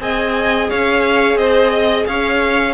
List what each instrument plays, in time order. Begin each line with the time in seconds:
0.00 cello C4, viola G#4, violin D#5 G#5
0.70 cello C#4, violin C#5 F5
1.35 cello C4, violin C5 D#5
1.70 violin D#5
2.07 cello C#4, violin C#5 F5